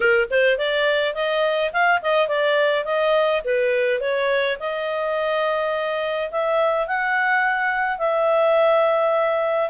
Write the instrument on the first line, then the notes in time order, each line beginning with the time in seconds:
clarinet
0.00 A#4
0.30 C5
0.57 D5
1.14 D#5
1.72 F5
2.02 D#5
2.28 D5
2.84 D#5
3.44 B4
4.00 C#5
4.59 D#5
6.31 E5
6.87 F#5
7.98 E5